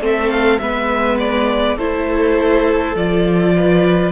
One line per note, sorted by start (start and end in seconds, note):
0.00 0.59 A3
0.00 0.61 C4
0.00 0.62 A4
0.06 0.30 E5
0.30 0.59 F5
0.59 1.78 G#3
0.59 1.79 B3
0.59 1.77 B4
0.59 1.18 E5
1.19 1.78 D5
1.77 2.95 A3
1.77 2.97 E4
1.77 3.53 A4
1.77 2.96 C5
2.95 4.12 F3
2.95 4.12 F4
2.95 4.12 D5
3.57 4.12 B4